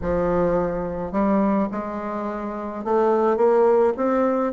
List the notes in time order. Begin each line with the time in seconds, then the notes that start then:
0.01 F3
1.12 G3
1.71 G#3
2.84 A3
3.36 A#3
3.96 C4